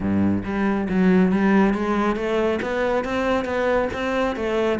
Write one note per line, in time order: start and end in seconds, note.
0.00 0.43 G2
0.44 0.88 G3
0.89 1.31 F#3
1.31 1.74 G3
1.74 2.16 G#3
2.16 2.59 A3
2.61 3.04 B3
3.04 3.44 C4
3.44 3.88 B3
3.93 4.36 C4
4.36 4.79 A3